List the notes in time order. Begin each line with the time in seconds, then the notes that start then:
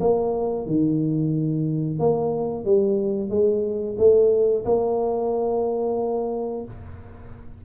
0.00 A#3
0.66 D#3
1.99 A#3
2.65 G3
3.30 G#3
3.98 A3
4.65 A#3